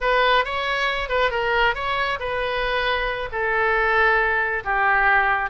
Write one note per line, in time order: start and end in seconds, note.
0.00 0.44 B4
0.44 1.08 C#5
1.08 1.30 B4
1.30 1.74 A#4
1.74 2.18 C#5
2.19 3.29 B4
3.32 4.63 A4
4.64 5.50 G4